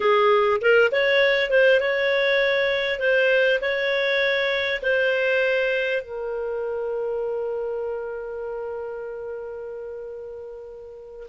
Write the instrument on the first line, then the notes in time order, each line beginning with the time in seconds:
clarinet
0.00 G#4
0.61 A#4
0.91 C#5
1.50 C5
1.80 C#5
2.99 C5
3.61 C#5
4.82 C5
6.02 A#4